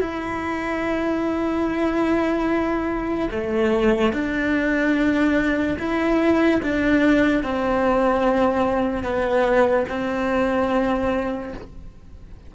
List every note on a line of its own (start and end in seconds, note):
0.00 3.29 E4
3.31 4.12 A3
4.12 5.77 D4
5.79 6.61 E4
6.62 7.43 D4
7.43 9.03 C4
9.03 9.85 B3
9.89 11.53 C4